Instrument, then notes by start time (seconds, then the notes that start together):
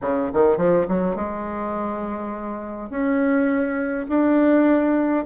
bassoon
0.01 C#3
0.33 D#3
0.57 F3
0.88 F#3
1.15 G#3
2.90 C#4
4.09 D4